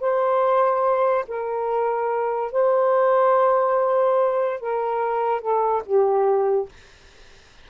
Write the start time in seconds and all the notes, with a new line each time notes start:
0.00 C5
1.28 A#4
2.52 C5
4.60 A#4
5.41 A4
5.86 G4